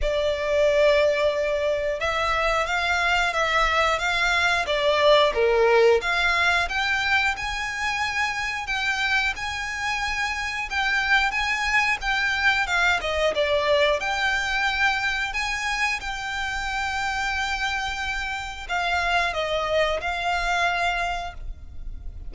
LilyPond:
\new Staff \with { instrumentName = "violin" } { \time 4/4 \tempo 4 = 90 d''2. e''4 | f''4 e''4 f''4 d''4 | ais'4 f''4 g''4 gis''4~ | gis''4 g''4 gis''2 |
g''4 gis''4 g''4 f''8 dis''8 | d''4 g''2 gis''4 | g''1 | f''4 dis''4 f''2 | }